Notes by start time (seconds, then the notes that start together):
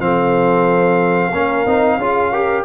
0.00 F3 C4 A4 F5
1.32 A#3 C#4 A#4
1.66 C4 D#4
1.97 C#4 F4 G#4
2.32 G4 A#4